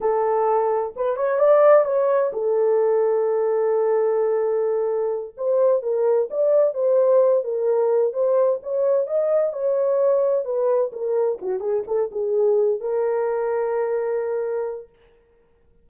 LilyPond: \new Staff \with { instrumentName = "horn" } { \time 4/4 \tempo 4 = 129 a'2 b'8 cis''8 d''4 | cis''4 a'2.~ | a'2.~ a'8 c''8~ | c''8 ais'4 d''4 c''4. |
ais'4. c''4 cis''4 dis''8~ | dis''8 cis''2 b'4 ais'8~ | ais'8 fis'8 gis'8 a'8 gis'4. ais'8~ | ais'1 | }